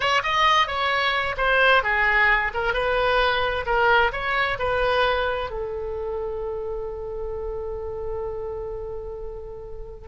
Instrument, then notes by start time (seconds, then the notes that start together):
oboe
0.00 C#5
0.23 D#5
0.67 C#5
1.37 C5
1.83 G#4
2.54 A#4
2.73 B4
3.65 A#4
4.12 C#5
4.58 B4
5.50 A4